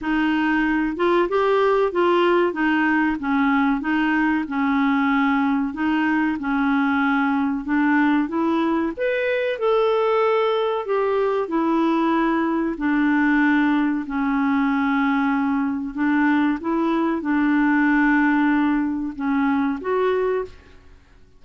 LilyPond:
\new Staff \with { instrumentName = "clarinet" } { \time 4/4 \tempo 4 = 94 dis'4. f'8 g'4 f'4 | dis'4 cis'4 dis'4 cis'4~ | cis'4 dis'4 cis'2 | d'4 e'4 b'4 a'4~ |
a'4 g'4 e'2 | d'2 cis'2~ | cis'4 d'4 e'4 d'4~ | d'2 cis'4 fis'4 | }